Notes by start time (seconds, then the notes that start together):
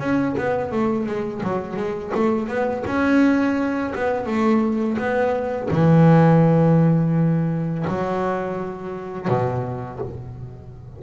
0.00 C#4
0.38 B3
0.72 A3
1.06 G#3
1.44 F#3
1.77 G#3
2.15 A3
2.48 B3
2.87 C#4
3.95 B3
4.26 A3
4.98 B3
5.71 E3
7.88 F#3
9.29 B2